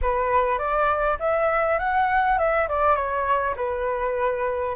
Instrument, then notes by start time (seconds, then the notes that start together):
flute
0.01 B4
0.58 D5
1.19 E5
1.78 F#5
2.38 E5
2.68 D5
2.95 C#5
3.56 B4